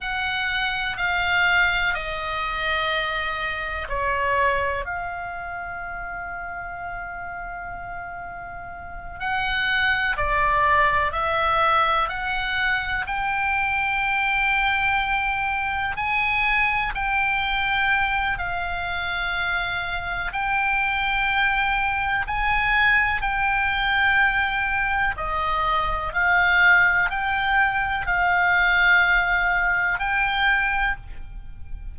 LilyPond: \new Staff \with { instrumentName = "oboe" } { \time 4/4 \tempo 4 = 62 fis''4 f''4 dis''2 | cis''4 f''2.~ | f''4. fis''4 d''4 e''8~ | e''8 fis''4 g''2~ g''8~ |
g''8 gis''4 g''4. f''4~ | f''4 g''2 gis''4 | g''2 dis''4 f''4 | g''4 f''2 g''4 | }